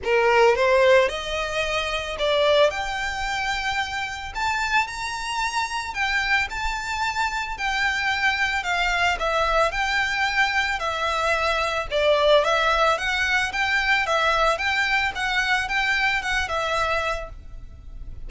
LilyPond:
\new Staff \with { instrumentName = "violin" } { \time 4/4 \tempo 4 = 111 ais'4 c''4 dis''2 | d''4 g''2. | a''4 ais''2 g''4 | a''2 g''2 |
f''4 e''4 g''2 | e''2 d''4 e''4 | fis''4 g''4 e''4 g''4 | fis''4 g''4 fis''8 e''4. | }